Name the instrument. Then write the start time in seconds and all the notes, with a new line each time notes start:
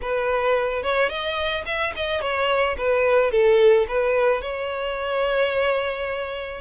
violin
0.01 B4
0.82 C#5
1.09 D#5
1.65 E5
1.96 D#5
2.21 C#5
2.77 B4
3.31 A4
3.88 B4
4.41 C#5